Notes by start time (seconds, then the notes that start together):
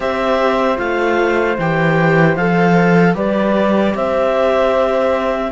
0.00 C4 G4 C5 E5
0.76 A3 F4 F5
1.58 E3 G4 G5
2.35 F3 A4 F5
3.14 G3 G4 B4 D5
3.94 C4 C5 E5